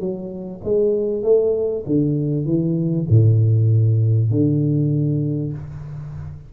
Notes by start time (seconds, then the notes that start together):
0.00 F#3
0.64 G#3
1.23 A3
1.86 D3
2.45 E3
3.09 A2
4.31 D3